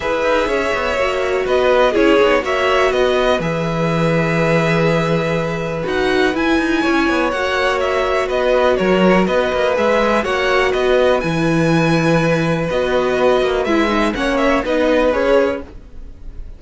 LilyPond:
<<
  \new Staff \with { instrumentName = "violin" } { \time 4/4 \tempo 4 = 123 e''2. dis''4 | cis''4 e''4 dis''4 e''4~ | e''1 | fis''4 gis''2 fis''4 |
e''4 dis''4 cis''4 dis''4 | e''4 fis''4 dis''4 gis''4~ | gis''2 dis''2 | e''4 fis''8 e''8 dis''4 cis''4 | }
  \new Staff \with { instrumentName = "violin" } { \time 4/4 b'4 cis''2 b'4 | gis'4 cis''4 b'2~ | b'1~ | b'2 cis''2~ |
cis''4 b'4 ais'4 b'4~ | b'4 cis''4 b'2~ | b'1~ | b'4 cis''4 b'2 | }
  \new Staff \with { instrumentName = "viola" } { \time 4/4 gis'2 fis'2 | e'8 dis'8 fis'2 gis'4~ | gis'1 | fis'4 e'2 fis'4~ |
fis'1 | gis'4 fis'2 e'4~ | e'2 fis'2 | e'8 dis'8 cis'4 dis'4 gis'4 | }
  \new Staff \with { instrumentName = "cello" } { \time 4/4 e'8 dis'8 cis'8 b8 ais4 b4 | cis'8 b8 ais4 b4 e4~ | e1 | dis'4 e'8 dis'8 cis'8 b8 ais4~ |
ais4 b4 fis4 b8 ais8 | gis4 ais4 b4 e4~ | e2 b4. ais8 | gis4 ais4 b4 cis'4 | }
>>